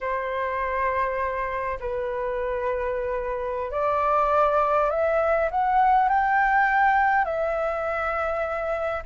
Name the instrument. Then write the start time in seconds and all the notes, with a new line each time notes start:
flute
0.00 C5
1.80 B4
3.71 D5
4.90 E5
5.50 F#5
6.09 G5
7.24 E5